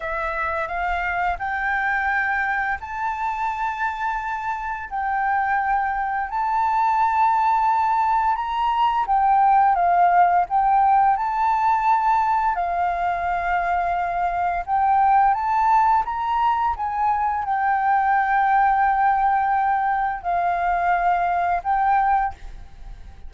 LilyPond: \new Staff \with { instrumentName = "flute" } { \time 4/4 \tempo 4 = 86 e''4 f''4 g''2 | a''2. g''4~ | g''4 a''2. | ais''4 g''4 f''4 g''4 |
a''2 f''2~ | f''4 g''4 a''4 ais''4 | gis''4 g''2.~ | g''4 f''2 g''4 | }